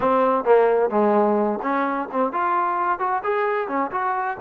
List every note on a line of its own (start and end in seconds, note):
0.00 0.44 C4
0.44 0.90 A#3
0.90 1.59 G#3
1.62 2.08 C#4
2.11 2.32 C4
2.32 2.99 F4
2.99 3.22 F#4
3.23 3.67 G#4
3.67 3.90 C#4
3.91 4.37 F#4